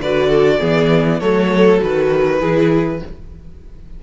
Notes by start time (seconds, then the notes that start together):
0.00 D3 F#4 B4 D5
0.30 A4
0.60 E3 B3 G#4
1.19 F#3 A3 A4 C#5
1.79 D#3 F#4 B4
2.39 E3 E4 G#4